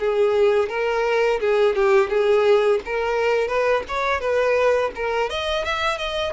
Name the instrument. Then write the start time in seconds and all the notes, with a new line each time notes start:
violin
0.00 G#4
0.70 A#4
1.41 G#4
1.76 G4
2.10 G#4
2.86 A#4
3.48 B4
3.89 C#5
4.21 B4
4.96 A#4
5.30 D#5
5.65 E5
5.98 D#5